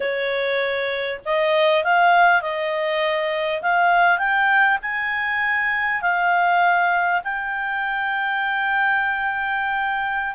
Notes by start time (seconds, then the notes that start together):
0.00 C#5
1.25 D#5
1.84 F5
2.41 D#5
3.62 F5
4.18 G5
4.82 G#5
6.01 F5
7.24 G5